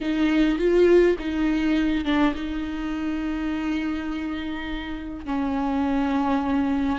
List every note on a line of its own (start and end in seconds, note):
0.01 0.58 D#4
0.58 1.16 F4
1.19 2.04 D#4
2.04 2.34 D4
2.34 5.25 D#4
5.25 6.98 C#4